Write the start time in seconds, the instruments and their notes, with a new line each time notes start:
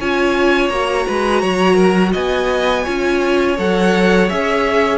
0.00 cello C#4, viola F4, violin C#5 G#5
0.70 cello A#3, viola F#4, violin A#5
1.07 cello G#3, violin B4
1.41 cello F#3, violin C#5
1.75 violin A#4
2.13 cello B3, violin D#5 G#5
2.84 cello C#4, viola F4, violin C#5
3.58 cello F#3, viola A4, violin F#5
4.30 cello C#4, viola G#4, violin E5